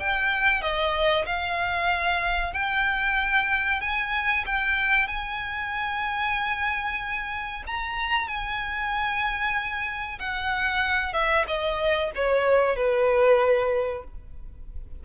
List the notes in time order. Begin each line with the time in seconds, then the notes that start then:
0.00 G5
0.62 D#5
1.26 F5
2.54 G5
3.81 G#5
4.46 G5
5.08 G#5
7.67 A#5
8.27 G#5
10.19 F#5
11.13 E5
11.47 D#5
12.15 C#5
12.76 B4